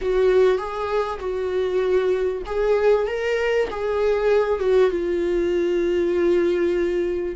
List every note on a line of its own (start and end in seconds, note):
0.01 0.58 F#4
0.58 1.19 G#4
1.19 2.42 F#4
2.46 3.07 G#4
3.07 3.68 A#4
3.70 4.59 G#4
4.59 4.90 F#4
4.90 7.35 F4